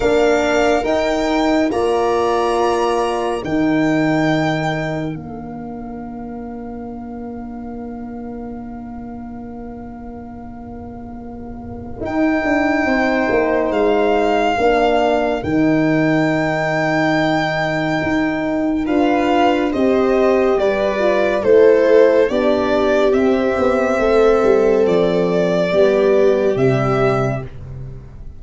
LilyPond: <<
  \new Staff \with { instrumentName = "violin" } { \time 4/4 \tempo 4 = 70 f''4 g''4 ais''2 | g''2 f''2~ | f''1~ | f''2 g''2 |
f''2 g''2~ | g''2 f''4 dis''4 | d''4 c''4 d''4 e''4~ | e''4 d''2 e''4 | }
  \new Staff \with { instrumentName = "viola" } { \time 4/4 ais'2 d''2 | ais'1~ | ais'1~ | ais'2. c''4~ |
c''4 ais'2.~ | ais'2 b'4 c''4 | b'4 a'4 g'2 | a'2 g'2 | }
  \new Staff \with { instrumentName = "horn" } { \time 4/4 d'4 dis'4 f'2 | dis'2 d'2~ | d'1~ | d'2 dis'2~ |
dis'4 d'4 dis'2~ | dis'2 f'4 g'4~ | g'8 f'8 e'4 d'4 c'4~ | c'2 b4 g4 | }
  \new Staff \with { instrumentName = "tuba" } { \time 4/4 ais4 dis'4 ais2 | dis2 ais2~ | ais1~ | ais2 dis'8 d'8 c'8 ais8 |
gis4 ais4 dis2~ | dis4 dis'4 d'4 c'4 | g4 a4 b4 c'8 b8 | a8 g8 f4 g4 c4 | }
>>